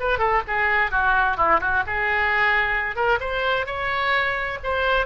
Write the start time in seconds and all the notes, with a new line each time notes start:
0.00 B4
0.19 A4
0.48 G#4
0.91 F#4
1.37 E4
1.61 F#4
1.87 G#4
2.96 A#4
3.20 C5
3.67 C#5
4.64 C5